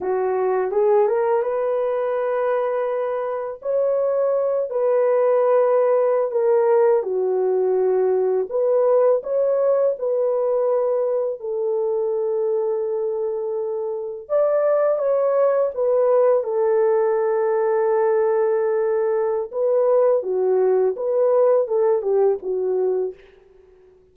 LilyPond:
\new Staff \with { instrumentName = "horn" } { \time 4/4 \tempo 4 = 83 fis'4 gis'8 ais'8 b'2~ | b'4 cis''4. b'4.~ | b'8. ais'4 fis'2 b'16~ | b'8. cis''4 b'2 a'16~ |
a'2.~ a'8. d''16~ | d''8. cis''4 b'4 a'4~ a'16~ | a'2. b'4 | fis'4 b'4 a'8 g'8 fis'4 | }